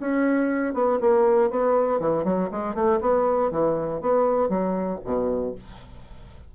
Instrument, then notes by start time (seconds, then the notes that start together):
bassoon
0.00 C#4
0.74 B3
1.01 A#3
1.50 B3
2.00 E3
2.24 F#3
2.51 G#3
2.75 A3
3.01 B3
3.51 E3
4.01 B3
4.49 F#3
5.04 B2